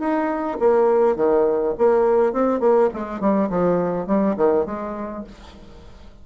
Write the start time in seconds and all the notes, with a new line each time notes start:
0.00 D#4
0.60 A#3
1.16 D#3
1.78 A#3
2.33 C4
2.60 A#3
2.94 G#3
3.21 G3
3.50 F3
4.07 G3
4.37 D#3
4.66 G#3